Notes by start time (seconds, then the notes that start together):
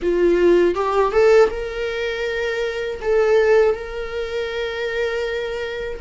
0.02 F4
0.74 G4
1.11 A4
1.50 A#4
3.01 A4
3.75 A#4